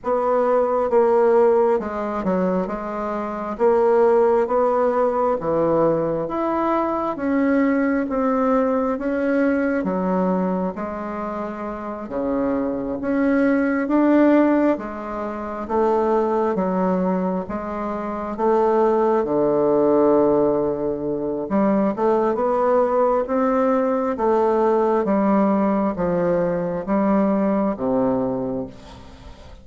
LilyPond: \new Staff \with { instrumentName = "bassoon" } { \time 4/4 \tempo 4 = 67 b4 ais4 gis8 fis8 gis4 | ais4 b4 e4 e'4 | cis'4 c'4 cis'4 fis4 | gis4. cis4 cis'4 d'8~ |
d'8 gis4 a4 fis4 gis8~ | gis8 a4 d2~ d8 | g8 a8 b4 c'4 a4 | g4 f4 g4 c4 | }